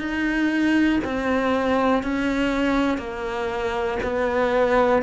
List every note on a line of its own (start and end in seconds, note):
0.00 1.00 D#4
1.05 2.03 C4
2.03 2.98 C#4
2.98 3.98 A#3
4.03 5.03 B3